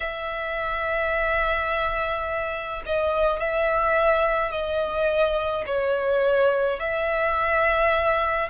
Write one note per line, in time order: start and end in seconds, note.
0.00 2.83 E5
2.86 3.39 D#5
3.39 4.51 E5
4.51 5.64 D#5
5.66 6.79 C#5
6.79 8.49 E5